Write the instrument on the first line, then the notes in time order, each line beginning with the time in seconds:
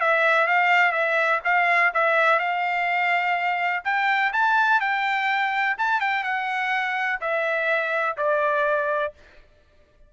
trumpet
0.00 E5
0.47 F5
0.92 E5
1.44 F5
1.94 E5
2.39 F5
3.84 G5
4.32 A5
4.80 G5
5.78 A5
6.00 G5
6.23 F#5
7.20 E5
8.17 D5